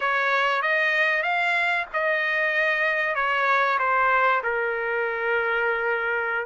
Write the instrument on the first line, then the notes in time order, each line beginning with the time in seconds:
trumpet
0.00 C#5
0.61 D#5
1.23 F5
1.93 D#5
3.15 C#5
3.78 C5
4.43 A#4